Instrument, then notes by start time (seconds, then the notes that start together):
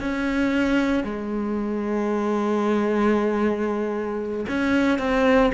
cello
0.00 C#4
1.04 G#3
4.48 C#4
4.99 C4